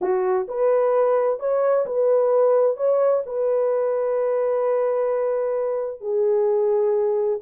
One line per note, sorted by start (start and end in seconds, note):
0.01 0.47 F#4
0.47 1.39 B4
1.39 1.85 C#5
1.86 2.77 B4
2.77 3.23 C#5
3.26 6.00 B4
6.00 7.39 G#4